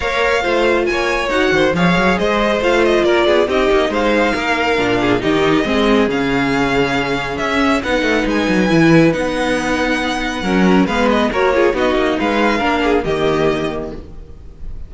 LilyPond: <<
  \new Staff \with { instrumentName = "violin" } { \time 4/4 \tempo 4 = 138 f''2 gis''4 fis''4 | f''4 dis''4 f''8 dis''8 d''4 | dis''4 f''2. | dis''2 f''2~ |
f''4 e''4 fis''4 gis''4~ | gis''4 fis''2.~ | fis''4 f''8 dis''8 cis''4 dis''4 | f''2 dis''2 | }
  \new Staff \with { instrumentName = "violin" } { \time 4/4 cis''4 c''4 cis''4. c''8 | cis''4 c''2 ais'8 gis'8 | g'4 c''4 ais'4. gis'8 | g'4 gis'2.~ |
gis'2 b'2~ | b'1 | ais'4 b'4 ais'8 gis'8 fis'4 | b'4 ais'8 gis'8 g'2 | }
  \new Staff \with { instrumentName = "viola" } { \time 4/4 ais'4 f'2 fis'4 | gis'2 f'2 | dis'2. d'4 | dis'4 c'4 cis'2~ |
cis'2 dis'2 | e'4 dis'2. | cis'4 b4 fis'8 f'8 dis'4~ | dis'4 d'4 ais2 | }
  \new Staff \with { instrumentName = "cello" } { \time 4/4 ais4 a4 ais4 dis'8 dis8 | f8 fis8 gis4 a4 ais8 b8 | c'8 ais8 gis4 ais4 ais,4 | dis4 gis4 cis2~ |
cis4 cis'4 b8 a8 gis8 fis8 | e4 b2. | fis4 gis4 ais4 b8 ais8 | gis4 ais4 dis2 | }
>>